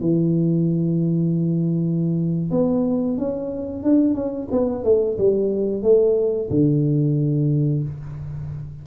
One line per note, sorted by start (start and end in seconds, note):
0.00 2.50 E3
2.50 3.17 B3
3.17 3.83 C#4
3.83 4.14 D4
4.14 4.48 C#4
4.51 4.84 B3
4.84 5.17 A3
5.18 5.82 G3
5.82 6.49 A3
6.50 7.83 D3